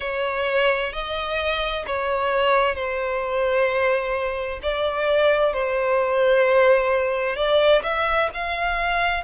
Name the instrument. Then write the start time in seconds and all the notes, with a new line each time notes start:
violin
0.00 C#5
0.92 D#5
1.86 C#5
2.75 C5
4.62 D5
5.53 C5
7.36 D5
7.83 E5
8.34 F5